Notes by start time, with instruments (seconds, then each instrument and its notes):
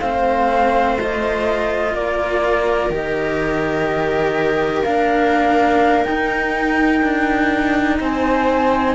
0.00 cello A3 C4, viola C5, flute F5
1.01 cello F4, flute D#5
1.94 cello A#3, viola A#4, flute D5
2.90 cello D#3 G4, flute D#5
4.83 cello A#3 D4, flute F5
6.04 cello D#4, flute G5
7.02 cello D4
8.00 cello C4, viola C5, flute G#5